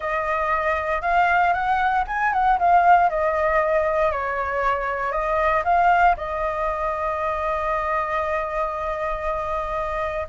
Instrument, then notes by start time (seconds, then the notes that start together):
flute
0.00 D#5
1.01 F5
1.53 F#5
2.07 G#5
2.32 F#5
2.59 F5
3.09 D#5
4.11 C#5
5.12 D#5
5.64 F5
6.17 D#5